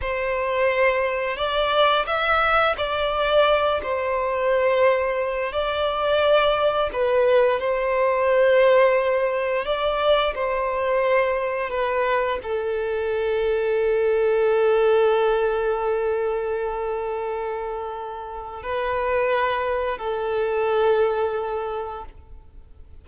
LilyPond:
\new Staff \with { instrumentName = "violin" } { \time 4/4 \tempo 4 = 87 c''2 d''4 e''4 | d''4. c''2~ c''8 | d''2 b'4 c''4~ | c''2 d''4 c''4~ |
c''4 b'4 a'2~ | a'1~ | a'2. b'4~ | b'4 a'2. | }